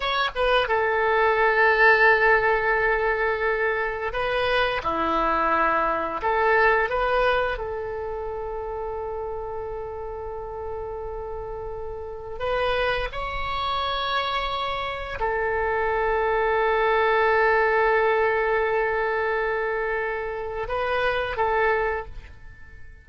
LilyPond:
\new Staff \with { instrumentName = "oboe" } { \time 4/4 \tempo 4 = 87 cis''8 b'8 a'2.~ | a'2 b'4 e'4~ | e'4 a'4 b'4 a'4~ | a'1~ |
a'2 b'4 cis''4~ | cis''2 a'2~ | a'1~ | a'2 b'4 a'4 | }